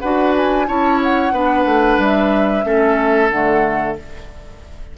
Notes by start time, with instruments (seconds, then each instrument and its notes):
0.00 bassoon D4, clarinet F#4, oboe B4, flute F#5
0.37 flute G#5
0.67 bassoon C#4, clarinet E4, oboe C#5, flute A5
1.03 flute F#5
1.32 bassoon B3, clarinet D4, oboe B4
1.66 bassoon A3
1.98 bassoon G3, flute E5
2.64 bassoon A3, clarinet C#4, oboe A4
3.30 bassoon D3, clarinet A3, flute F#5